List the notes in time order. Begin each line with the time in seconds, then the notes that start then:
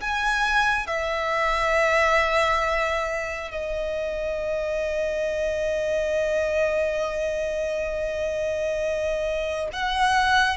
0.00 G#5
0.86 E5
3.51 D#5
9.72 F#5